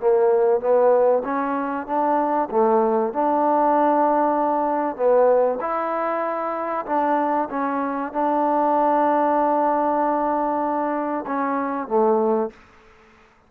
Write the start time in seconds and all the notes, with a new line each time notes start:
0.00 A#3
0.60 B3
1.24 C#4
1.86 D4
2.51 A3
3.12 D4
4.96 B3
5.60 E4
6.86 D4
7.50 C#4
8.12 D4
11.26 C#4
11.88 A3